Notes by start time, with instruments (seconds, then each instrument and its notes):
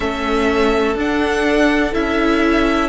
0.00 cello A3, viola C#4, violin A4 E5
0.94 cello D4, viola D4, violin F#5
1.93 cello C#4, viola E4, violin E5